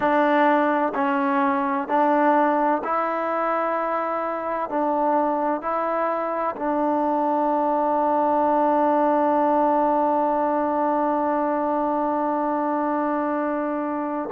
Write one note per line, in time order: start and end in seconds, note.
0.00 0.93 D4
0.94 1.87 C#4
1.87 2.81 D4
2.84 4.69 E4
4.69 5.61 D4
5.61 6.55 E4
6.56 14.29 D4